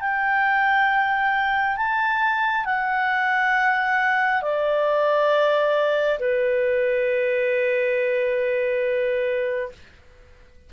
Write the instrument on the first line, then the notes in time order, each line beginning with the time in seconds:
clarinet
0.00 G5
1.77 A5
2.65 F#5
4.42 D5
6.19 B4